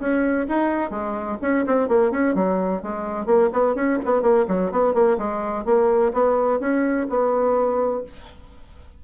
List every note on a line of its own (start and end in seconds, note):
0.00 0.47 C#4
0.49 0.91 D#4
0.91 1.38 G#3
1.42 1.66 C#4
1.67 1.89 C4
1.89 2.12 A#3
2.12 2.35 C#4
2.35 2.83 F#3
2.83 3.26 G#3
3.26 3.50 A#3
3.53 3.76 B3
3.76 3.99 C#4
4.06 4.22 B3
4.22 4.46 A#3
4.48 4.72 F#3
4.72 4.94 B3
4.94 5.18 A#3
5.18 5.65 G#3
5.66 6.13 A#3
6.14 6.60 B3
6.60 7.08 C#4
7.10 8.04 B3